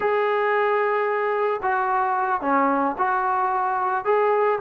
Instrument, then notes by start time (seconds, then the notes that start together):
trombone
0.00 G#4
1.62 F#4
2.41 C#4
2.98 F#4
4.04 G#4